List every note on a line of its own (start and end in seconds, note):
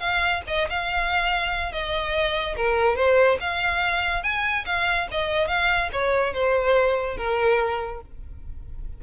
0.00 0.42 F5
0.48 0.69 D#5
0.70 1.72 F5
1.72 2.56 D#5
2.57 2.96 A#4
2.96 3.38 C5
3.41 4.24 F5
4.24 4.66 G#5
4.66 5.08 F5
5.12 5.48 D#5
5.48 5.90 F5
5.93 6.34 C#5
6.34 7.17 C5
7.17 8.01 A#4